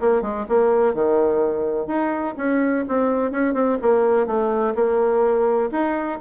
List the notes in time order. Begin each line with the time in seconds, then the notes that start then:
0.00 A#3
0.22 G#3
0.48 A#3
0.94 D#3
1.87 D#4
2.37 C#4
2.88 C4
3.31 C#4
3.54 C4
3.82 A#3
4.26 A3
4.75 A#3
5.71 D#4